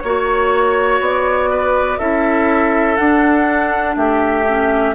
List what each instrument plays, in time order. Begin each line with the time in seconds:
0.00 bassoon A#3, clarinet F#4, flute C#5, oboe C#5
1.00 bassoon B3, flute D5
1.50 oboe B4
1.99 bassoon C#4, clarinet E4, oboe A4, flute E5
2.97 clarinet D4, bassoon D4, flute F#5
3.97 bassoon A3, oboe G4, flute E5
4.47 clarinet C#4